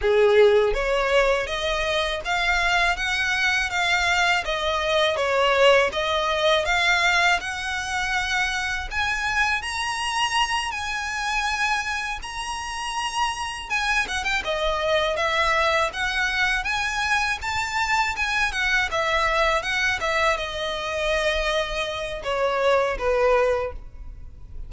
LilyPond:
\new Staff \with { instrumentName = "violin" } { \time 4/4 \tempo 4 = 81 gis'4 cis''4 dis''4 f''4 | fis''4 f''4 dis''4 cis''4 | dis''4 f''4 fis''2 | gis''4 ais''4. gis''4.~ |
gis''8 ais''2 gis''8 fis''16 g''16 dis''8~ | dis''8 e''4 fis''4 gis''4 a''8~ | a''8 gis''8 fis''8 e''4 fis''8 e''8 dis''8~ | dis''2 cis''4 b'4 | }